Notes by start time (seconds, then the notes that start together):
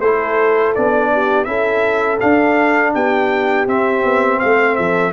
0.00 A3 E4 A4 C5
0.75 B3 D4 D5
1.13 G4
1.44 C#4 E4 A4 E5
2.20 D4 F5
2.94 B3 G4 G5
3.67 C4 E5
4.04 B3
4.39 A3 C5 F5
4.76 F3 A4 E5